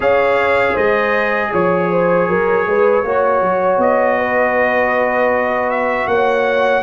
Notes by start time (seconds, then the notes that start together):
0.00 C#4 G#4 C#5 F5
0.73 G#3 C5 D#5
1.51 F3 C#5
1.90 C5
2.28 F#3 A#4
2.66 G#3 B4
3.03 A#3 F#4 C#5
3.41 F#3
3.77 B3 D#5
4.19 B4
5.69 E5
6.07 A#3 C#5 F#5